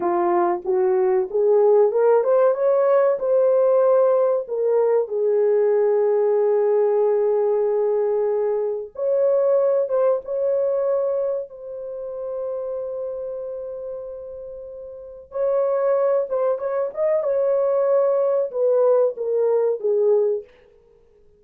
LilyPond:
\new Staff \with { instrumentName = "horn" } { \time 4/4 \tempo 4 = 94 f'4 fis'4 gis'4 ais'8 c''8 | cis''4 c''2 ais'4 | gis'1~ | gis'2 cis''4. c''8 |
cis''2 c''2~ | c''1 | cis''4. c''8 cis''8 dis''8 cis''4~ | cis''4 b'4 ais'4 gis'4 | }